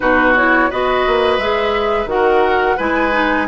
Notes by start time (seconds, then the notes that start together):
0.00 B2 D#4 F#4 B4
0.36 E4 C#5
0.69 B3 F#4 B4 D#5
1.07 A#3
1.38 G#3 G#4 E5
2.05 D#3 F#4 F#5
2.12 A#4
2.76 G#3 E4 B4 G#5
3.12 D#4